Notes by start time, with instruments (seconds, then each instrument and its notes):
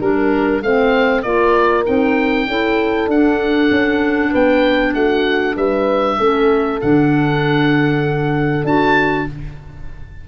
0.00 tuba G3, clarinet D4, oboe A#4, horn A#4
0.62 tuba A3, clarinet C4, horn C5, oboe F5
1.22 tuba A#3, clarinet F4, horn A#4, oboe D5
1.85 tuba C4, clarinet D#4, oboe G5
2.47 tuba C#4, clarinet E4, horn A4
3.07 tuba D4, clarinet D4, oboe F#5
3.71 tuba C#4
4.30 tuba B3, horn B4, oboe G5
4.94 tuba A3, horn F#4, oboe F#5
5.56 tuba G3, horn B4, oboe E5
6.18 tuba A3, clarinet C#4, horn A4
6.81 tuba D3, clarinet D4, oboe F#5
8.64 tuba D4, clarinet F#4, oboe A5